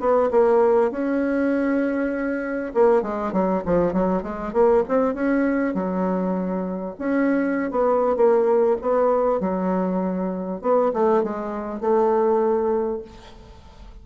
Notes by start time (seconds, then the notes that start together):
0.00 B3
0.31 A#3
0.91 C#4
2.74 A#3
3.02 G#3
3.33 F#3
3.66 F3
3.93 F#3
4.23 G#3
4.53 A#3
4.89 C4
5.14 C#4
5.74 F#3
6.99 C#4
7.71 B3
8.17 A#3
8.82 B3
9.40 F#3
10.62 B3
10.94 A3
11.23 G#3
11.81 A3